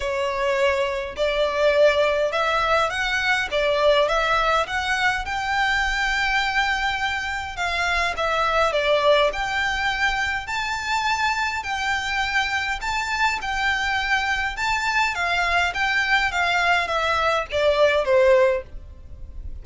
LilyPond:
\new Staff \with { instrumentName = "violin" } { \time 4/4 \tempo 4 = 103 cis''2 d''2 | e''4 fis''4 d''4 e''4 | fis''4 g''2.~ | g''4 f''4 e''4 d''4 |
g''2 a''2 | g''2 a''4 g''4~ | g''4 a''4 f''4 g''4 | f''4 e''4 d''4 c''4 | }